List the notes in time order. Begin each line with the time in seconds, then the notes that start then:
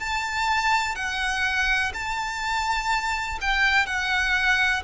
0.00 A5
0.96 F#5
1.94 A5
3.41 G5
3.86 F#5